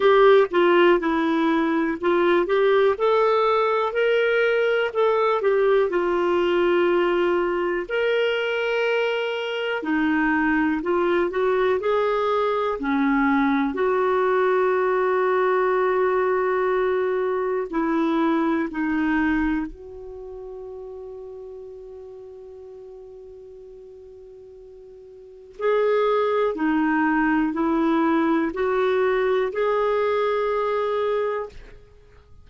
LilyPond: \new Staff \with { instrumentName = "clarinet" } { \time 4/4 \tempo 4 = 61 g'8 f'8 e'4 f'8 g'8 a'4 | ais'4 a'8 g'8 f'2 | ais'2 dis'4 f'8 fis'8 | gis'4 cis'4 fis'2~ |
fis'2 e'4 dis'4 | fis'1~ | fis'2 gis'4 dis'4 | e'4 fis'4 gis'2 | }